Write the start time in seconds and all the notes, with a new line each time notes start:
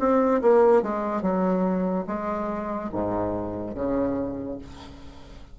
0.00 C4
0.42 A#3
0.83 G#3
1.22 F#3
2.07 G#3
2.93 G#2
3.75 C#3